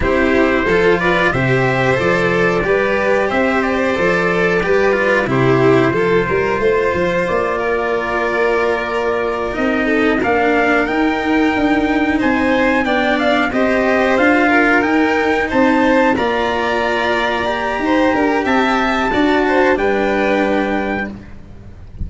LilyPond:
<<
  \new Staff \with { instrumentName = "trumpet" } { \time 4/4 \tempo 4 = 91 c''4. d''8 e''4 d''4~ | d''4 e''8 d''2~ d''8 | c''2. d''4~ | d''2~ d''8 dis''4 f''8~ |
f''8 g''2 gis''4 g''8 | f''8 dis''4 f''4 g''4 a''8~ | a''8 ais''2.~ ais''8 | a''2 g''2 | }
  \new Staff \with { instrumentName = "violin" } { \time 4/4 g'4 a'8 b'8 c''2 | b'4 c''2 b'4 | g'4 a'8 ais'8 c''4. ais'8~ | ais'2. a'8 ais'8~ |
ais'2~ ais'8 c''4 d''8~ | d''8 c''4. ais'4. c''8~ | c''8 d''2~ d''8 c''8 ais'8 | e''4 d''8 c''8 b'2 | }
  \new Staff \with { instrumentName = "cello" } { \time 4/4 e'4 f'4 g'4 a'4 | g'2 a'4 g'8 f'8 | e'4 f'2.~ | f'2~ f'8 dis'4 d'8~ |
d'8 dis'2. d'8~ | d'8 g'4 f'4 dis'4.~ | dis'8 f'2 g'4.~ | g'4 fis'4 d'2 | }
  \new Staff \with { instrumentName = "tuba" } { \time 4/4 c'4 f4 c4 f4 | g4 c'4 f4 g4 | c4 f8 g8 a8 f8 ais4~ | ais2~ ais8 c'4 ais8~ |
ais8 dis'4 d'4 c'4 b8~ | b8 c'4 d'4 dis'4 c'8~ | c'8 ais2~ ais8 dis'8 d'8 | c'4 d'4 g2 | }
>>